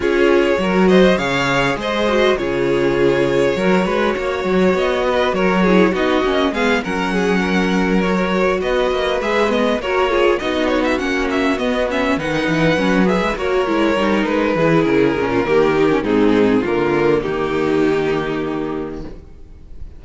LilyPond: <<
  \new Staff \with { instrumentName = "violin" } { \time 4/4 \tempo 4 = 101 cis''4. dis''8 f''4 dis''4 | cis''1 | dis''4 cis''4 dis''4 f''8 fis''8~ | fis''4. cis''4 dis''4 e''8 |
dis''8 cis''4 dis''8 cis''16 e''16 fis''8 e''8 dis''8 | e''8 fis''4. e''8 cis''4. | b'4 ais'2 gis'4 | ais'4 g'2. | }
  \new Staff \with { instrumentName = "violin" } { \time 4/4 gis'4 ais'8 c''8 cis''4 c''4 | gis'2 ais'8 b'8 cis''4~ | cis''8 b'8 ais'8 gis'8 fis'4 gis'8 ais'8 | gis'8 ais'2 b'4.~ |
b'8 ais'8 gis'8 fis'2~ fis'8~ | fis'8 b'2 ais'4.~ | ais'8 gis'4~ gis'16 f'16 g'4 dis'4 | f'4 dis'2. | }
  \new Staff \with { instrumentName = "viola" } { \time 4/4 f'4 fis'4 gis'4. fis'8 | f'2 fis'2~ | fis'4. e'8 dis'8 cis'8 b8 cis'8~ | cis'4. fis'2 gis'8 |
b8 fis'8 f'8 dis'4 cis'4 b8 | cis'8 dis'4 cis'8 gis'8 fis'8 e'8 dis'8~ | dis'8 e'4 cis'8 ais8 dis'16 cis'16 c'4 | ais1 | }
  \new Staff \with { instrumentName = "cello" } { \time 4/4 cis'4 fis4 cis4 gis4 | cis2 fis8 gis8 ais8 fis8 | b4 fis4 b8 ais8 gis8 fis8~ | fis2~ fis8 b8 ais8 gis8~ |
gis8 ais4 b4 ais4 b8~ | b8 dis8 e8 fis8. gis16 ais8 gis8 g8 | gis8 e8 cis8 ais,8 dis4 gis,4 | d4 dis2. | }
>>